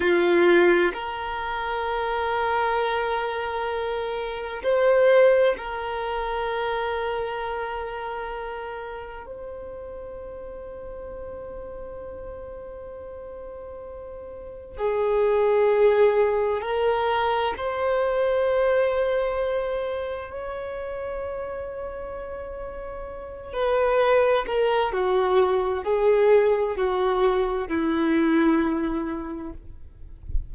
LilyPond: \new Staff \with { instrumentName = "violin" } { \time 4/4 \tempo 4 = 65 f'4 ais'2.~ | ais'4 c''4 ais'2~ | ais'2 c''2~ | c''1 |
gis'2 ais'4 c''4~ | c''2 cis''2~ | cis''4. b'4 ais'8 fis'4 | gis'4 fis'4 e'2 | }